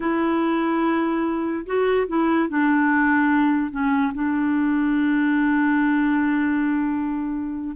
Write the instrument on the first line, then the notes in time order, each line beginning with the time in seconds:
clarinet
0.00 E4
1.66 F#4
2.07 E4
2.48 D4
3.71 C#4
4.14 D4